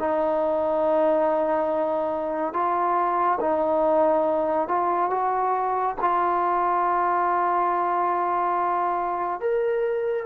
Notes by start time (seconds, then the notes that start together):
0.00 D#4
2.54 F4
3.41 D#4
4.68 F4
5.10 F#4
6.02 F4
9.41 A#4